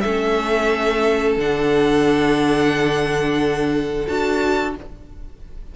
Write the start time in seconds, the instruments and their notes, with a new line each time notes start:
0.00 cello A3, viola C#4, violin A4 E5
1.37 cello D3, viola D4, violin F#5
4.07 cello D4, viola F#4, violin A5